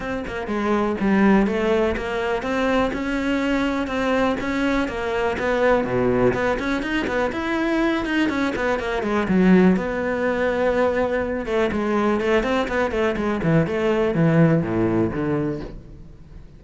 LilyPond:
\new Staff \with { instrumentName = "cello" } { \time 4/4 \tempo 4 = 123 c'8 ais8 gis4 g4 a4 | ais4 c'4 cis'2 | c'4 cis'4 ais4 b4 | b,4 b8 cis'8 dis'8 b8 e'4~ |
e'8 dis'8 cis'8 b8 ais8 gis8 fis4 | b2.~ b8 a8 | gis4 a8 c'8 b8 a8 gis8 e8 | a4 e4 a,4 d4 | }